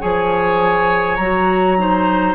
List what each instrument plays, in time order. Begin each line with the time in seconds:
0.00 bassoon F3, clarinet G#4, oboe C#5, flute G#5
1.16 bassoon F#3, clarinet F#4, flute A#5
1.78 clarinet D#4, oboe C5